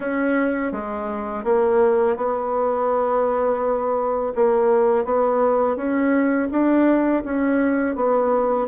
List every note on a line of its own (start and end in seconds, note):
0.00 0.72 C#4
0.72 1.44 G#3
1.44 2.16 A#3
2.16 4.33 B3
4.35 5.04 A#3
5.04 5.76 B3
5.76 6.48 C#4
6.51 7.23 D4
7.25 7.95 C#4
7.95 8.67 B3